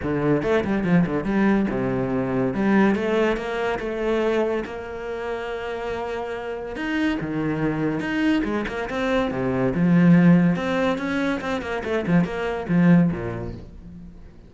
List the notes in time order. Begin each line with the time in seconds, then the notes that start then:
0.02 D3
0.42 A3
0.64 G3
0.84 F3
1.06 D3
1.24 G3
1.70 C3
2.54 G3
2.95 A3
3.36 A#3
3.79 A3
4.65 A#3
6.75 D#4
7.20 D#3
8.00 D#4
8.44 G#3
8.68 A#3
8.89 C4
9.31 C3
9.74 F3
10.56 C4
10.98 C#4
11.40 C4
11.61 A#3
11.84 A3
12.07 F3
12.24 A#3
12.68 F3
13.11 A#2